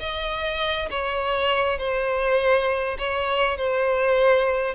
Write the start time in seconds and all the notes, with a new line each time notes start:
0.00 D#5
0.91 C#5
1.79 C5
2.99 C#5
3.58 C5